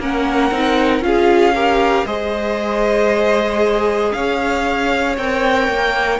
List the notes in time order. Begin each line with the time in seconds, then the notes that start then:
0.00 A#3 C#4 A#4 F#5
0.51 C4 D#4
1.00 C#4 F4 F5
1.07 G#4
1.55 G4 A#4
2.06 G#3 G#4 C5 D#5
4.13 C#4 C#5 F5
5.17 C4 A#4 G5
5.69 A#3